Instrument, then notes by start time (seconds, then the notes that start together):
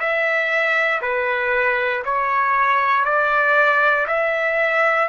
trumpet
0.00 E5
1.02 B4
2.05 C#5
3.05 D5
4.08 E5